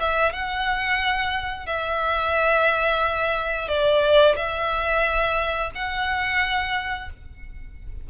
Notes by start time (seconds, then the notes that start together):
0.00 E5
0.33 F#5
1.66 E5
3.68 D5
4.36 E5
5.75 F#5